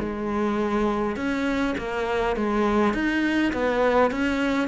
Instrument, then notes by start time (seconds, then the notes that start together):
cello
0.00 G#3
1.17 C#4
1.78 A#3
2.37 G#3
2.94 D#4
3.53 B3
4.11 C#4